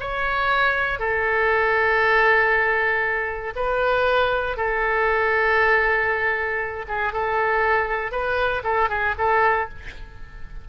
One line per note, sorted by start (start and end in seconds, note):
0.00 0.99 C#5
0.99 3.54 A4
3.56 4.57 B4
4.57 6.86 A4
6.88 7.13 G#4
7.13 8.12 A4
8.12 8.63 B4
8.64 8.89 A4
8.89 9.15 G#4
9.18 9.69 A4